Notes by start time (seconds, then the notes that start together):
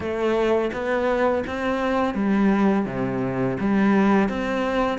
0.00 A3
0.72 B3
1.46 C4
2.14 G3
2.85 C3
3.59 G3
4.29 C4